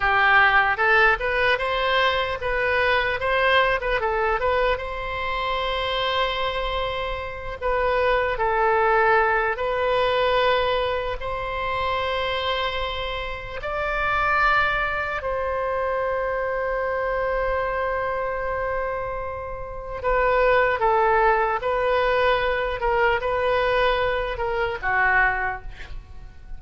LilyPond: \new Staff \with { instrumentName = "oboe" } { \time 4/4 \tempo 4 = 75 g'4 a'8 b'8 c''4 b'4 | c''8. b'16 a'8 b'8 c''2~ | c''4. b'4 a'4. | b'2 c''2~ |
c''4 d''2 c''4~ | c''1~ | c''4 b'4 a'4 b'4~ | b'8 ais'8 b'4. ais'8 fis'4 | }